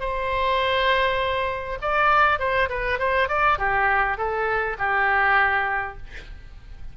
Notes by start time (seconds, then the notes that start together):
0.00 C5
1.81 D5
2.39 C5
2.69 B4
2.99 C5
3.29 D5
3.59 G4
4.17 A4
4.78 G4